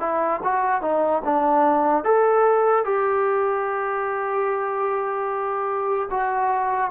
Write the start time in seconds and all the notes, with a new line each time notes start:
0.00 E4
0.44 F#4
0.82 D#4
1.25 D4
2.05 A4
2.85 G4
6.11 F#4